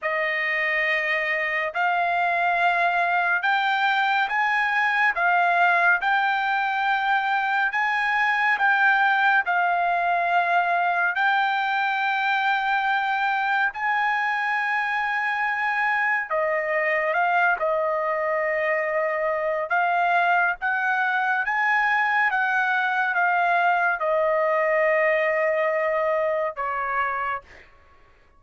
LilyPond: \new Staff \with { instrumentName = "trumpet" } { \time 4/4 \tempo 4 = 70 dis''2 f''2 | g''4 gis''4 f''4 g''4~ | g''4 gis''4 g''4 f''4~ | f''4 g''2. |
gis''2. dis''4 | f''8 dis''2~ dis''8 f''4 | fis''4 gis''4 fis''4 f''4 | dis''2. cis''4 | }